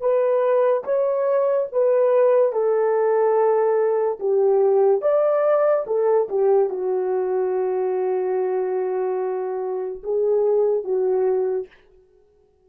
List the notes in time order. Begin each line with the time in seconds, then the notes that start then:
0.00 B4
0.84 C#5
1.72 B4
2.52 A4
4.19 G4
5.02 D5
5.87 A4
6.29 G4
6.69 F#4
10.03 G#4
10.84 F#4